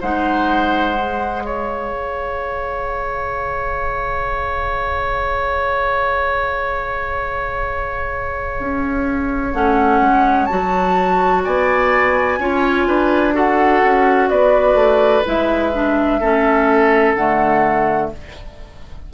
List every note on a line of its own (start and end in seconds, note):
0.00 1.90 G#3
0.00 0.95 D#4
0.00 1.43 C5
0.00 1.44 F#5
0.95 9.52 G#4
1.44 11.43 C#5
1.44 9.52 F5
1.90 8.57 C#3
8.59 9.53 C#4
9.52 10.00 A3
9.52 10.49 C#4
9.52 10.46 F#5
10.00 10.48 G#3
10.46 11.46 F#3
10.46 12.40 F#4
10.46 11.41 A5
11.43 12.38 B3
11.43 12.39 D5
11.43 13.35 G#5
12.38 12.86 C#4
12.38 13.33 F4
12.38 12.87 C#5
12.87 13.82 D4
12.87 13.34 B4
13.33 15.23 F#4
13.33 14.29 A4
13.33 14.29 F#5
13.84 14.30 C#4
14.29 14.74 B3
14.29 16.20 B4
14.29 15.24 D5
14.74 15.21 A3
15.25 16.20 G#3
15.25 15.72 E4
15.25 17.14 E5
15.73 16.21 D4
16.20 17.15 A3
16.20 17.17 C#4
16.20 18.10 A4
17.14 18.10 D3
17.14 18.13 A3
17.14 18.09 F#5